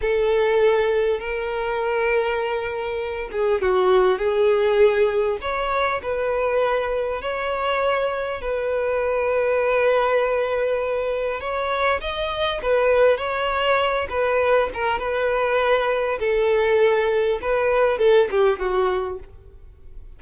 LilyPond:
\new Staff \with { instrumentName = "violin" } { \time 4/4 \tempo 4 = 100 a'2 ais'2~ | ais'4. gis'8 fis'4 gis'4~ | gis'4 cis''4 b'2 | cis''2 b'2~ |
b'2. cis''4 | dis''4 b'4 cis''4. b'8~ | b'8 ais'8 b'2 a'4~ | a'4 b'4 a'8 g'8 fis'4 | }